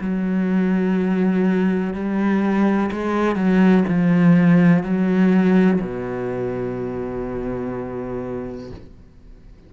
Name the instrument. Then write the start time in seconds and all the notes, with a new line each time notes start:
cello
0.00 F#3
1.94 G3
2.92 G#3
3.36 F#3
3.88 F3
4.83 F#3
5.81 B2